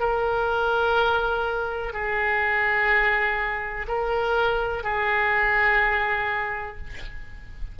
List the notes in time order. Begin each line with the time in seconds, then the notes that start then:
0.00 A#4
1.93 G#4
3.88 A#4
4.83 G#4